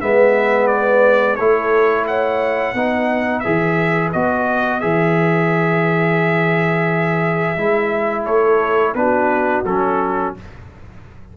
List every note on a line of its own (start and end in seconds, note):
0.00 1.39 G#3
0.00 1.38 B3
0.00 1.38 B4
0.00 0.68 E5
0.68 1.36 D5
1.36 2.74 A3
1.36 2.76 E4
1.36 2.08 A4
1.36 2.05 C#5
2.07 2.77 C#5
2.07 3.40 F#5
2.74 3.43 B3
2.74 3.44 D#4
2.74 8.25 B4
3.40 4.14 E3
3.40 4.13 G#4
3.40 4.09 E5
4.13 4.83 B3
4.13 4.81 F#4
4.13 4.80 D#5
4.80 7.57 E3
4.80 7.57 G#4
4.80 8.25 E5
7.57 8.26 G#3
7.57 8.96 E4
8.25 8.95 A3
8.25 8.94 A4
8.25 8.95 C#5
8.95 9.64 B3
8.95 9.65 D4
8.95 10.37 F#4
8.95 9.64 B4
9.66 10.35 F#3
9.66 10.37 C#4
9.66 10.35 A4